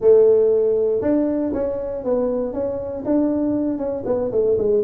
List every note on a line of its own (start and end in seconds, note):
0.00 1.01 A3
1.01 1.52 D4
1.53 2.04 C#4
2.04 2.53 B3
2.53 3.04 C#4
3.05 3.77 D4
3.77 4.03 C#4
4.05 4.31 B3
4.31 4.57 A3
4.58 4.83 G#3